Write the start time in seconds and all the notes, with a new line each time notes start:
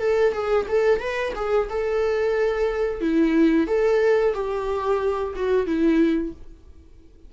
0.00 A4
0.33 G#4
0.69 A4
1.00 B4
1.36 G#4
1.70 A4
3.01 E4
3.68 A4
4.34 G4
5.36 F#4
5.67 E4